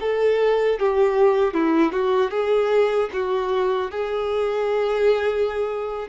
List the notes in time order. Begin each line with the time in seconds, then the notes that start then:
0.00 A4
0.79 G4
1.54 E4
1.92 F#4
2.30 G#4
3.13 F#4
3.91 G#4